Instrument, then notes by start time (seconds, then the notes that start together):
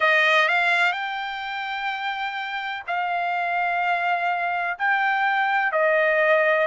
trumpet
0.00 D#5
0.48 F5
0.92 G5
2.87 F5
4.78 G5
5.71 D#5